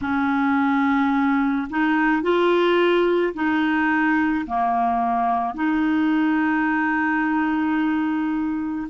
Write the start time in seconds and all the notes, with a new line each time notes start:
0.01 C#4
1.69 D#4
2.22 F4
3.34 D#4
4.46 A#3
5.54 D#4